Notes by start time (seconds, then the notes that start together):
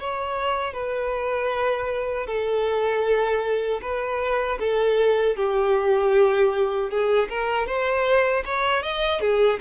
0.00 C#5
0.73 B4
2.27 A4
3.82 B4
4.60 A4
5.37 G4
6.91 G#4
7.30 A#4
7.67 C5
8.45 C#5
8.83 D#5
9.21 G#4